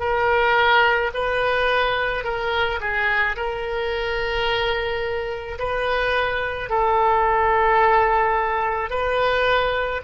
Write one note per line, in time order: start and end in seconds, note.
0.00 1.11 A#4
1.14 2.24 B4
2.24 2.80 A#4
2.81 3.36 G#4
3.36 5.59 A#4
5.59 6.70 B4
6.70 8.90 A4
8.90 10.02 B4